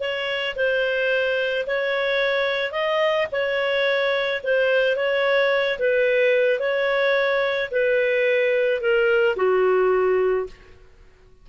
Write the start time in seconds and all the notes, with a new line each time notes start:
0.00 C#5
0.56 C5
1.67 C#5
2.72 D#5
3.32 C#5
4.43 C5
4.96 C#5
5.79 B4
6.60 C#5
7.71 B4
8.81 A#4
9.36 F#4